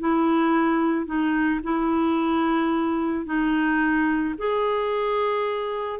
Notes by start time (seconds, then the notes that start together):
0.00 E4
1.06 D#4
1.63 E4
3.26 D#4
4.38 G#4